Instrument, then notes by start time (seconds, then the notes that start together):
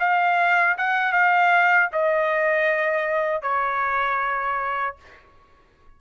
trumpet
0.00 F5
0.78 F#5
1.13 F5
1.93 D#5
3.43 C#5